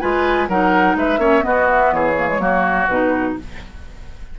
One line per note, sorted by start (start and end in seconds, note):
0.00 0.49 G#3
0.00 0.49 F4
0.00 0.49 B4
0.00 0.48 G#5
0.49 0.96 F#3
0.49 1.19 D#4
0.49 0.97 A#4
0.49 0.97 F#5
0.96 1.18 G#3
0.96 1.20 B4
0.96 1.45 E5
1.18 1.42 A#3
1.18 1.42 C#4
1.18 1.44 C#5
1.42 2.14 B3
1.42 1.93 B3
1.42 1.95 F#4
1.42 1.69 D#5
1.70 1.94 E5
1.93 2.39 E3
1.93 2.42 G#4
1.93 2.88 C#5
2.18 2.28 A#3
2.28 2.40 G#3
2.39 2.87 F#3
2.39 2.88 A#3
2.39 3.38 F#4
2.88 3.36 B2
2.88 3.39 D#4
2.88 3.36 B4